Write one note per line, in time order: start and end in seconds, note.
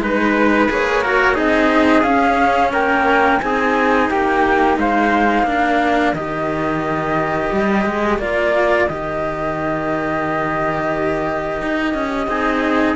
0.00 0.68 G#3
0.00 0.69 D#4
0.00 0.71 B4
0.00 1.04 B4
0.69 1.38 A#3
0.69 1.03 G#4
0.69 1.38 C#5
1.04 1.35 F#4
1.04 1.35 A#4
1.35 2.05 C4
1.35 2.03 D#4
1.35 2.71 G#4
1.35 2.03 D#5
2.03 3.40 C#4
2.03 2.73 C#4
2.03 2.71 F5
2.72 3.42 A#3
2.72 3.41 A#4
2.72 3.40 G5
3.40 4.11 C4
3.40 5.47 D#4
3.40 4.11 G#4
3.40 4.08 G#5
4.10 4.78 A#3
4.10 4.79 G4
4.10 4.78 G5
4.78 5.43 G#3
4.78 5.48 C5
4.78 6.15 F5
5.43 6.12 A#3
5.43 6.15 D4
5.43 12.29 A#4
6.13 7.50 D#3
6.13 8.20 G4
6.13 8.19 D#5
7.53 7.85 G3
7.85 8.19 G#3
8.19 8.87 A#3
8.19 8.89 F4
8.19 8.88 D5
8.88 11.62 D#3
8.88 12.29 G4
8.88 12.96 D#5
11.62 11.94 D#4
11.94 12.28 C#4
12.28 12.96 C4
12.28 12.96 D#4
12.28 12.96 G#4